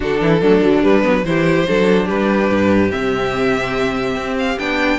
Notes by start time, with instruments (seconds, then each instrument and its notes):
0.00 cello D3, viola D4, violin F#4 A4
0.21 cello E3, violin E4
0.40 cello F#3, viola A3, violin D4
0.61 cello D3, viola F#3
0.82 viola G3, cello G3, violin B4
1.02 cello F#3, viola B3
1.24 cello E3, viola E4, violin G4 C5
1.67 cello F#3, viola D4, violin A4
2.05 cello G3, violin G4 B4
2.50 cello G2
2.89 cello C3, viola C4, violin E5
4.16 cello C4
4.39 violin F5
4.59 cello B3, viola D4, violin G5